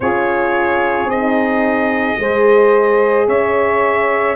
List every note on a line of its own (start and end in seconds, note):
0.00 1.05 C#4
0.00 1.10 F4
0.00 2.19 G#4
0.00 1.10 C#5
1.05 2.14 C4
1.05 3.28 D#5
1.11 2.19 D#4
2.18 3.27 G#3
2.18 4.35 G#4
2.18 3.27 C5
3.27 4.35 C#4
3.27 4.35 C#5
3.27 4.35 E5